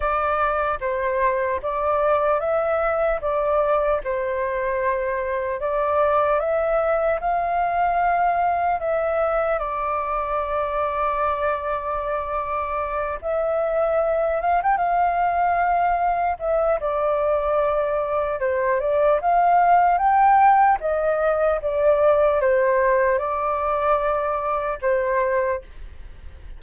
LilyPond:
\new Staff \with { instrumentName = "flute" } { \time 4/4 \tempo 4 = 75 d''4 c''4 d''4 e''4 | d''4 c''2 d''4 | e''4 f''2 e''4 | d''1~ |
d''8 e''4. f''16 g''16 f''4.~ | f''8 e''8 d''2 c''8 d''8 | f''4 g''4 dis''4 d''4 | c''4 d''2 c''4 | }